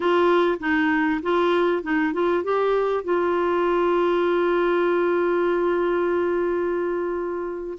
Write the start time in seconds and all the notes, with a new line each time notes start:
0.00 F4
0.59 D#4
1.22 F4
1.82 D#4
2.13 F4
2.43 G4
3.03 F4